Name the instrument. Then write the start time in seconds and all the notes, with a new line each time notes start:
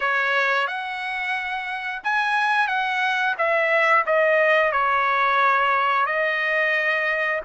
trumpet
0.00 C#5
0.67 F#5
2.03 G#5
2.67 F#5
3.37 E5
4.05 D#5
4.72 C#5
6.06 D#5